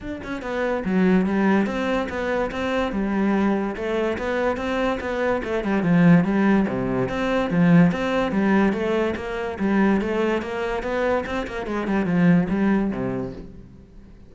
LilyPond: \new Staff \with { instrumentName = "cello" } { \time 4/4 \tempo 4 = 144 d'8 cis'8 b4 fis4 g4 | c'4 b4 c'4 g4~ | g4 a4 b4 c'4 | b4 a8 g8 f4 g4 |
c4 c'4 f4 c'4 | g4 a4 ais4 g4 | a4 ais4 b4 c'8 ais8 | gis8 g8 f4 g4 c4 | }